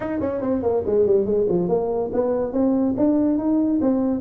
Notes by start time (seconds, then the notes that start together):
0.00 D#4
0.20 C#4
0.41 C4
0.62 A#3
0.86 G#3
1.06 G3
1.25 G#3
1.49 F3
1.68 A#3
2.13 B3
2.52 C4
2.97 D4
3.37 D#4
3.81 C4